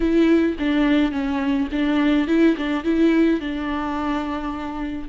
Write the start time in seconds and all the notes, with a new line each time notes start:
0.00 E4
0.59 D4
1.11 C#4
1.72 D4
2.27 E4
2.56 D4
2.84 E4
3.40 D4